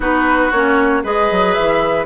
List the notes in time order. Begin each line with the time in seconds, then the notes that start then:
0.00 B3 D#4 F#4 B4
0.51 A#3 C#4 C#5
1.03 G#3 G#4 B4 D#5
1.31 F#3
1.53 E3 E5